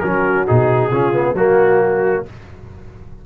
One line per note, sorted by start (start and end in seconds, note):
0.00 0.48 F#3
0.00 0.46 C#4
0.00 0.90 F#4
0.00 0.44 A#4
0.46 0.91 B2
0.46 0.91 D#4
0.46 1.36 G#4
0.90 1.33 C#3
0.90 1.13 C#4
0.90 1.35 F4
1.13 1.35 B3
1.33 2.22 F#3
1.33 2.25 A#3
1.33 2.24 F#4
1.33 2.25 F#4